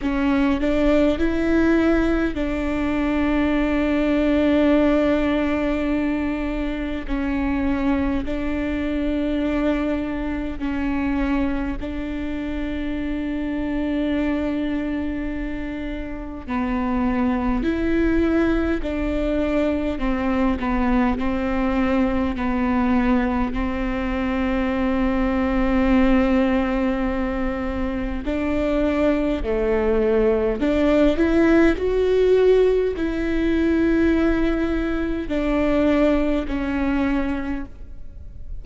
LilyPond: \new Staff \with { instrumentName = "viola" } { \time 4/4 \tempo 4 = 51 cis'8 d'8 e'4 d'2~ | d'2 cis'4 d'4~ | d'4 cis'4 d'2~ | d'2 b4 e'4 |
d'4 c'8 b8 c'4 b4 | c'1 | d'4 a4 d'8 e'8 fis'4 | e'2 d'4 cis'4 | }